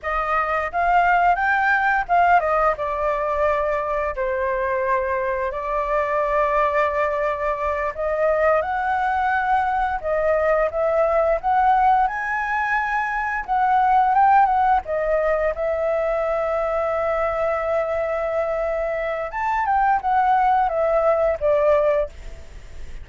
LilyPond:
\new Staff \with { instrumentName = "flute" } { \time 4/4 \tempo 4 = 87 dis''4 f''4 g''4 f''8 dis''8 | d''2 c''2 | d''2.~ d''8 dis''8~ | dis''8 fis''2 dis''4 e''8~ |
e''8 fis''4 gis''2 fis''8~ | fis''8 g''8 fis''8 dis''4 e''4.~ | e''1 | a''8 g''8 fis''4 e''4 d''4 | }